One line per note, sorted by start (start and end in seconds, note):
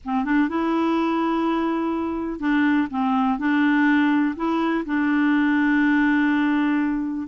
0.04 0.24 C4
0.24 0.48 D4
0.48 2.39 E4
2.39 2.88 D4
2.90 3.38 C4
3.38 4.35 D4
4.36 4.84 E4
4.85 7.27 D4